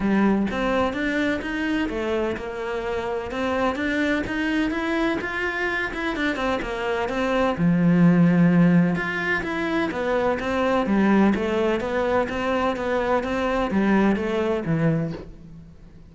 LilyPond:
\new Staff \with { instrumentName = "cello" } { \time 4/4 \tempo 4 = 127 g4 c'4 d'4 dis'4 | a4 ais2 c'4 | d'4 dis'4 e'4 f'4~ | f'8 e'8 d'8 c'8 ais4 c'4 |
f2. f'4 | e'4 b4 c'4 g4 | a4 b4 c'4 b4 | c'4 g4 a4 e4 | }